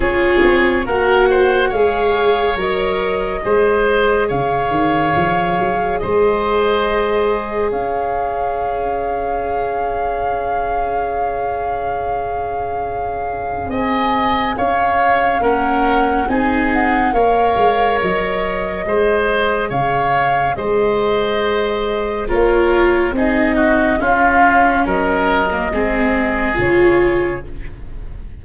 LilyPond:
<<
  \new Staff \with { instrumentName = "flute" } { \time 4/4 \tempo 4 = 70 cis''4 fis''4 f''4 dis''4~ | dis''4 f''2 dis''4~ | dis''4 f''2.~ | f''1 |
gis''4 f''4 fis''4 gis''8 fis''8 | f''4 dis''2 f''4 | dis''2 cis''4 dis''4 | f''4 dis''2 cis''4 | }
  \new Staff \with { instrumentName = "oboe" } { \time 4/4 gis'4 ais'8 c''8 cis''2 | c''4 cis''2 c''4~ | c''4 cis''2.~ | cis''1 |
dis''4 cis''4 ais'4 gis'4 | cis''2 c''4 cis''4 | c''2 ais'4 gis'8 fis'8 | f'4 ais'4 gis'2 | }
  \new Staff \with { instrumentName = "viola" } { \time 4/4 f'4 fis'4 gis'4 ais'4 | gis'1~ | gis'1~ | gis'1~ |
gis'2 cis'4 dis'4 | ais'2 gis'2~ | gis'2 f'4 dis'4 | cis'4.~ cis'16 ais16 c'4 f'4 | }
  \new Staff \with { instrumentName = "tuba" } { \time 4/4 cis'8 c'8 ais4 gis4 fis4 | gis4 cis8 dis8 f8 fis8 gis4~ | gis4 cis'2.~ | cis'1 |
c'4 cis'4 ais4 c'4 | ais8 gis8 fis4 gis4 cis4 | gis2 ais4 c'4 | cis'4 fis4 gis4 cis4 | }
>>